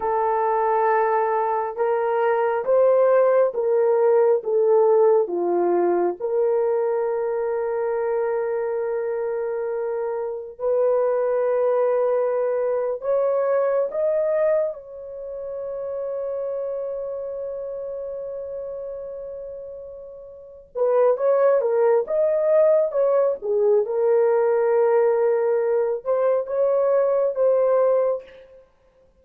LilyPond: \new Staff \with { instrumentName = "horn" } { \time 4/4 \tempo 4 = 68 a'2 ais'4 c''4 | ais'4 a'4 f'4 ais'4~ | ais'1 | b'2~ b'8. cis''4 dis''16~ |
dis''8. cis''2.~ cis''16~ | cis''2.~ cis''8 b'8 | cis''8 ais'8 dis''4 cis''8 gis'8 ais'4~ | ais'4. c''8 cis''4 c''4 | }